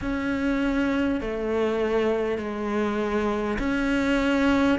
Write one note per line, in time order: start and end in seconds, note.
0.01 1.21 C#4
1.21 2.37 A3
2.37 3.57 G#3
3.58 4.78 C#4